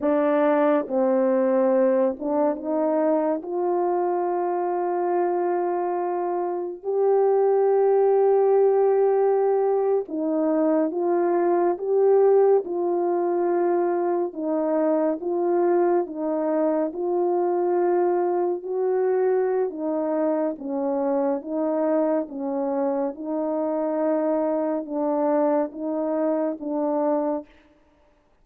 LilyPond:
\new Staff \with { instrumentName = "horn" } { \time 4/4 \tempo 4 = 70 d'4 c'4. d'8 dis'4 | f'1 | g'2.~ g'8. dis'16~ | dis'8. f'4 g'4 f'4~ f'16~ |
f'8. dis'4 f'4 dis'4 f'16~ | f'4.~ f'16 fis'4~ fis'16 dis'4 | cis'4 dis'4 cis'4 dis'4~ | dis'4 d'4 dis'4 d'4 | }